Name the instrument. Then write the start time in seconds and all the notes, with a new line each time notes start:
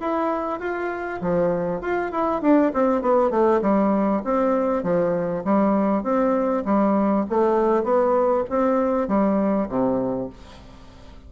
bassoon
0.00 E4
0.60 F4
1.21 F3
1.81 F4
2.12 E4
2.42 D4
2.74 C4
3.02 B3
3.30 A3
3.62 G3
4.24 C4
4.83 F3
5.44 G3
6.03 C4
6.65 G3
7.30 A3
7.83 B3
8.50 C4
9.08 G3
9.69 C3